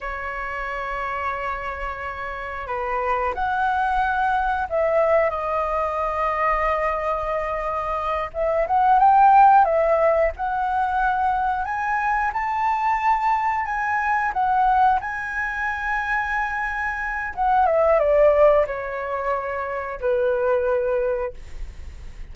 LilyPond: \new Staff \with { instrumentName = "flute" } { \time 4/4 \tempo 4 = 90 cis''1 | b'4 fis''2 e''4 | dis''1~ | dis''8 e''8 fis''8 g''4 e''4 fis''8~ |
fis''4. gis''4 a''4.~ | a''8 gis''4 fis''4 gis''4.~ | gis''2 fis''8 e''8 d''4 | cis''2 b'2 | }